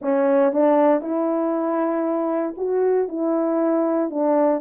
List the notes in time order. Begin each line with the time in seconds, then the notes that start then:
0.01 C#4
0.52 D4
1.01 E4
2.57 F#4
3.08 E4
4.10 D4